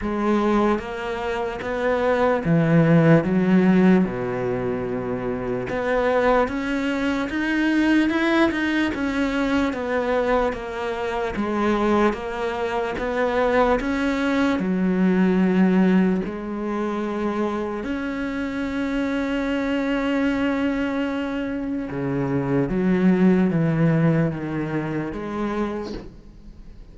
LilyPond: \new Staff \with { instrumentName = "cello" } { \time 4/4 \tempo 4 = 74 gis4 ais4 b4 e4 | fis4 b,2 b4 | cis'4 dis'4 e'8 dis'8 cis'4 | b4 ais4 gis4 ais4 |
b4 cis'4 fis2 | gis2 cis'2~ | cis'2. cis4 | fis4 e4 dis4 gis4 | }